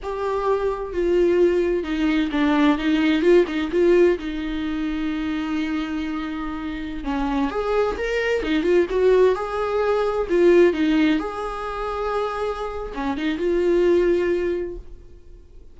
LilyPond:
\new Staff \with { instrumentName = "viola" } { \time 4/4 \tempo 4 = 130 g'2 f'2 | dis'4 d'4 dis'4 f'8 dis'8 | f'4 dis'2.~ | dis'2.~ dis'16 cis'8.~ |
cis'16 gis'4 ais'4 dis'8 f'8 fis'8.~ | fis'16 gis'2 f'4 dis'8.~ | dis'16 gis'2.~ gis'8. | cis'8 dis'8 f'2. | }